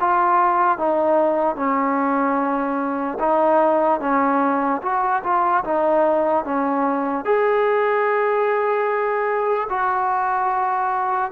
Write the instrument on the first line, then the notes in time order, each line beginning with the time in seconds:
trombone
0.00 F4
0.78 D#4
1.56 C#4
3.19 D#4
4.00 C#4
4.82 F#4
5.23 F4
5.64 D#4
6.44 C#4
7.25 G#4
9.69 F#4